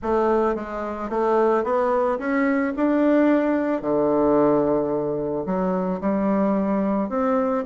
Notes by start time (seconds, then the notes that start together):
0.02 A3
0.55 G#3
1.09 A3
1.63 B3
2.18 C#4
2.76 D4
3.81 D3
5.45 F#3
6.00 G3
7.09 C4